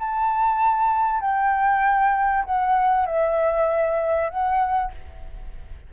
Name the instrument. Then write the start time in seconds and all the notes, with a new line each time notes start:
flute
0.00 A5
1.21 G5
2.45 F#5
3.06 E5
4.30 F#5